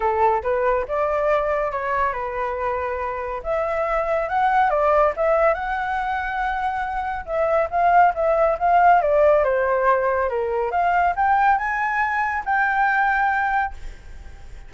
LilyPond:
\new Staff \with { instrumentName = "flute" } { \time 4/4 \tempo 4 = 140 a'4 b'4 d''2 | cis''4 b'2. | e''2 fis''4 d''4 | e''4 fis''2.~ |
fis''4 e''4 f''4 e''4 | f''4 d''4 c''2 | ais'4 f''4 g''4 gis''4~ | gis''4 g''2. | }